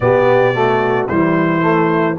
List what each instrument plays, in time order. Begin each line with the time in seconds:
0.00 tuba B2, trombone B3, horn G4, trumpet D5
0.54 trombone A3, horn F#4
1.08 tuba E3, trombone G3, horn E4, trumpet C5
1.61 trombone A3